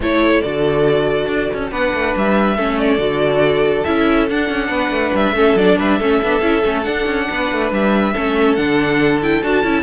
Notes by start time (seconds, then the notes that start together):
0.00 A3 E4 A4 C#5
0.41 D3 F#4 D5
1.26 D4
1.53 C#4
1.71 B3 D4 B4 F#5
1.93 A3
2.16 G3 E5
2.56 A3 C#4 A4
2.78 D5
2.98 D3 F#4
3.84 C#4 E4 E5
4.29 D4 F#5
4.49 C#4
4.68 B3 B4
4.90 A3
5.13 G3 E5
5.32 A3 C#4 A4
5.54 F#3 D4 D5
5.78 G3 B4 E5
5.98 A3 C#4 A4
6.23 B3 D4
6.41 C#4 E4
6.63 A3 C#4
6.83 D4 F#5
7.06 C#4
7.30 B3 B4
7.51 A3
7.71 G3 E5
8.13 A3 C#4 A4
8.55 D3 D4 F#5
9.21 E4 G5
9.42 D4 F#4 A5
9.63 C#4 E4